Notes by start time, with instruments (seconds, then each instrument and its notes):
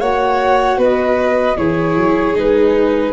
0.00 tuba A#3, viola F#4, violin C#5, flute F#5
0.77 tuba B3, violin B4, flute D#5
1.57 tuba E3, viola E4, violin G#4, flute C#5
1.96 tuba F#3
2.34 tuba G#3, viola D#4, flute B4